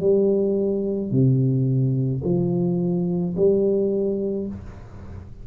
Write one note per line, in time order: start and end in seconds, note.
0.00 1.11 G3
1.11 2.22 C3
2.24 3.35 F3
3.36 4.47 G3